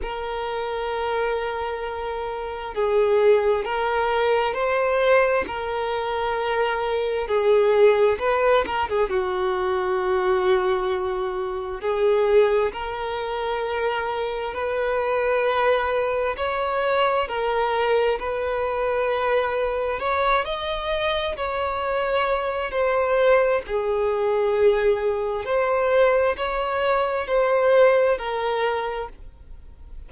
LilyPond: \new Staff \with { instrumentName = "violin" } { \time 4/4 \tempo 4 = 66 ais'2. gis'4 | ais'4 c''4 ais'2 | gis'4 b'8 ais'16 gis'16 fis'2~ | fis'4 gis'4 ais'2 |
b'2 cis''4 ais'4 | b'2 cis''8 dis''4 cis''8~ | cis''4 c''4 gis'2 | c''4 cis''4 c''4 ais'4 | }